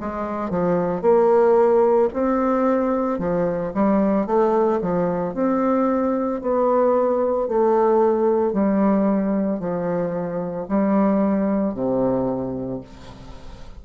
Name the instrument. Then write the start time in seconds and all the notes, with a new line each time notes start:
bassoon
0.00 G#3
0.50 F3
1.02 A#3
2.13 C4
3.19 F3
3.74 G3
4.26 A3
4.81 F3
5.34 C4
6.41 B3
7.48 A3
8.52 G3
9.59 F3
10.68 G3
11.74 C3